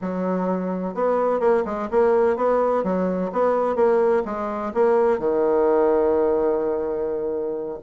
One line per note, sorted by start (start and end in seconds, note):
0.01 0.94 F#3
0.94 1.40 B3
1.40 1.63 A#3
1.65 1.88 G#3
1.90 2.36 A#3
2.36 2.83 B3
2.83 3.30 F#3
3.32 3.75 B3
3.75 4.23 A#3
4.25 4.72 G#3
4.74 5.18 A#3
5.18 7.78 D#3